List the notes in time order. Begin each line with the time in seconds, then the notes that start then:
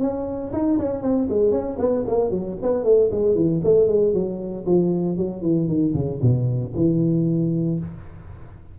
0.00 C#4
0.52 D#4
0.79 C#4
1.02 C4
1.29 G#3
1.51 C#4
1.79 B3
2.06 A#3
2.30 F#3
2.62 B3
2.84 A3
3.12 G#3
3.35 E3
3.64 A3
3.87 G#3
4.13 F#3
4.66 F3
5.17 F#3
5.42 E3
5.68 D#3
5.94 C#3
6.22 B2
6.75 E3